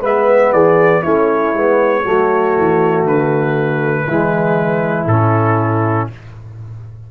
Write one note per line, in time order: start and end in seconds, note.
0.00 0.52 G#3
0.00 1.04 B3
0.00 0.51 B4
0.00 0.52 E5
0.52 1.03 E3
0.52 1.03 G#4
0.52 1.03 D5
1.03 1.53 A3
1.03 1.55 C#4
1.03 2.04 E4
1.03 3.06 C#5
1.53 2.04 G#3
1.53 2.04 B3
2.04 2.57 F#3
2.04 4.07 A3
2.04 4.07 F#4
2.57 3.04 E3
3.04 4.05 D3
3.04 5.07 B4
4.06 5.06 E3
4.06 5.09 G#3
4.06 6.10 E4
5.06 6.08 A2
5.06 6.11 C#4
5.06 6.09 A4